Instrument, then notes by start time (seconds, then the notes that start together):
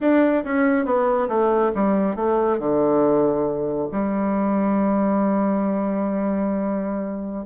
bassoon
0.00 D4
0.44 C#4
0.85 B3
1.28 A3
1.74 G3
2.15 A3
2.58 D3
3.91 G3